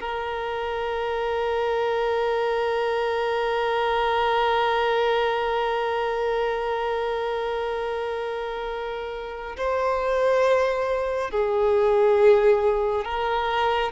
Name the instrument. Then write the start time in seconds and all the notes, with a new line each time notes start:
violin
0.00 A#4
9.57 C5
11.31 G#4
13.05 A#4